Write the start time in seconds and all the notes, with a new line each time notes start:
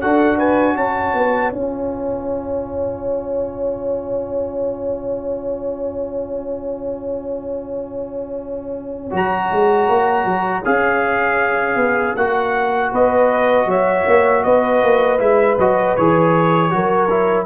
0.00 D4 F#4 A4 F#5
0.37 B4 G#5
0.75 C#4 C#5 A5
1.13 B3
1.52 C#4 F4 G#5
9.10 F#3 F#4 A#5
9.50 G#3
9.88 A#3
10.24 F#3
10.64 C#4 G#4 F5
11.75 B3
12.15 A#3 F#4 F#5
12.91 B3 B4 D#5
13.65 F#3 C#5 E5
14.06 A#3
14.43 B3 B4 D#5
14.82 A#3
15.18 G#3 E4 E5
15.58 F#3 F#4 D#5
15.96 E3 G#4 C#5
16.70 F#3 F#4 A#4
17.10 E4